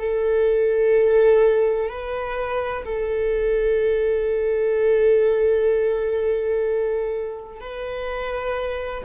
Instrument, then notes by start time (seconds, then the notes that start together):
viola
0.00 A4
1.90 B4
2.85 A4
7.61 B4